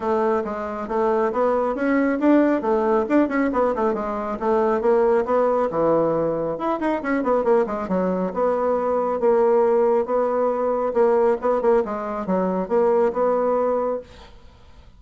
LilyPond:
\new Staff \with { instrumentName = "bassoon" } { \time 4/4 \tempo 4 = 137 a4 gis4 a4 b4 | cis'4 d'4 a4 d'8 cis'8 | b8 a8 gis4 a4 ais4 | b4 e2 e'8 dis'8 |
cis'8 b8 ais8 gis8 fis4 b4~ | b4 ais2 b4~ | b4 ais4 b8 ais8 gis4 | fis4 ais4 b2 | }